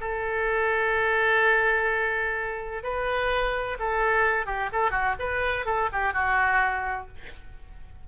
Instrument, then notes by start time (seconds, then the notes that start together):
oboe
0.00 A4
2.83 B4
3.79 A4
4.46 G4
4.72 A4
4.91 F#4
5.19 B4
5.65 A4
5.92 G4
6.13 F#4